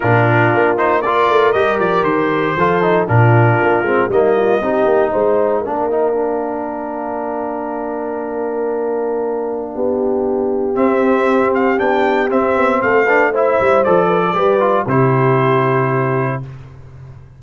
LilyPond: <<
  \new Staff \with { instrumentName = "trumpet" } { \time 4/4 \tempo 4 = 117 ais'4. c''8 d''4 dis''8 d''8 | c''2 ais'2 | dis''2 f''2~ | f''1~ |
f''1~ | f''4 e''4. f''8 g''4 | e''4 f''4 e''4 d''4~ | d''4 c''2. | }
  \new Staff \with { instrumentName = "horn" } { \time 4/4 f'2 ais'2~ | ais'4 a'4 f'2 | dis'8 f'8 g'4 c''4 ais'4~ | ais'1~ |
ais'2. g'4~ | g'1~ | g'4 a'8 b'8 c''4. b'16 a'16 | b'4 g'2. | }
  \new Staff \with { instrumentName = "trombone" } { \time 4/4 d'4. dis'8 f'4 g'4~ | g'4 f'8 dis'8 d'4. c'8 | ais4 dis'2 d'8 dis'8 | d'1~ |
d'1~ | d'4 c'2 d'4 | c'4. d'8 e'4 a'4 | g'8 f'8 e'2. | }
  \new Staff \with { instrumentName = "tuba" } { \time 4/4 ais,4 ais4. a8 g8 f8 | dis4 f4 ais,4 ais8 gis8 | g4 c'8 ais8 gis4 ais4~ | ais1~ |
ais2. b4~ | b4 c'2 b4 | c'8 b8 a4. g8 f4 | g4 c2. | }
>>